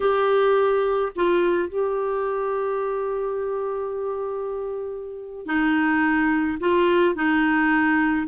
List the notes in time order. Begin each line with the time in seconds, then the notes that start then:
0.00 G4
1.15 F4
1.68 G4
5.46 D#4
6.60 F4
7.15 D#4